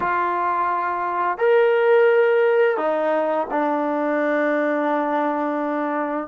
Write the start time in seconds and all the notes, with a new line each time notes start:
0.00 F4
1.38 A#4
2.77 D#4
3.50 D4